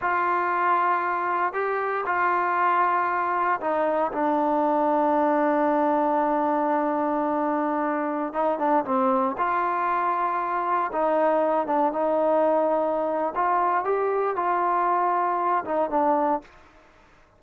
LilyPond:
\new Staff \with { instrumentName = "trombone" } { \time 4/4 \tempo 4 = 117 f'2. g'4 | f'2. dis'4 | d'1~ | d'1~ |
d'16 dis'8 d'8 c'4 f'4.~ f'16~ | f'4~ f'16 dis'4. d'8 dis'8.~ | dis'2 f'4 g'4 | f'2~ f'8 dis'8 d'4 | }